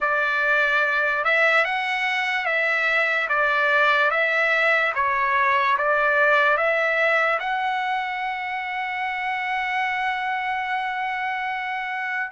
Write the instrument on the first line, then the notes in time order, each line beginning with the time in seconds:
trumpet
0.00 D5
1.24 E5
1.64 F#5
2.45 E5
3.28 D5
4.10 E5
4.95 C#5
5.77 D5
6.57 E5
7.39 F#5